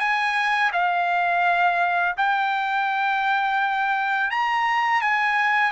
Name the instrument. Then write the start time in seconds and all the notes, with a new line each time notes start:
trumpet
0.00 G#5
0.73 F5
2.18 G5
4.31 A#5
5.02 G#5